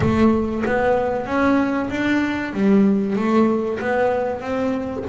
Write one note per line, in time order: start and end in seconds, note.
0.00 0.63 A3
0.65 1.26 B3
1.26 1.89 C#4
1.90 2.53 D4
2.53 3.16 G3
3.16 3.79 A3
3.80 4.40 B3
4.40 5.04 C4